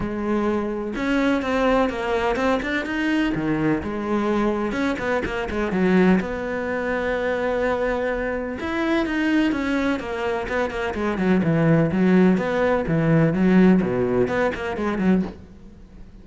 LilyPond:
\new Staff \with { instrumentName = "cello" } { \time 4/4 \tempo 4 = 126 gis2 cis'4 c'4 | ais4 c'8 d'8 dis'4 dis4 | gis2 cis'8 b8 ais8 gis8 | fis4 b2.~ |
b2 e'4 dis'4 | cis'4 ais4 b8 ais8 gis8 fis8 | e4 fis4 b4 e4 | fis4 b,4 b8 ais8 gis8 fis8 | }